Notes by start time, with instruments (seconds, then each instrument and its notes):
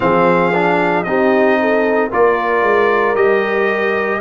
0.00 tuba F3, trombone C4, horn G#4, trumpet F5
0.53 trombone D4
1.03 tuba C4, trombone D#4, horn G4, trumpet D#5
1.60 horn A4
2.11 tuba A#3, trombone F4, horn A#4, trumpet D5
2.62 tuba G#3
3.14 tuba G3, trombone G4, trumpet D#5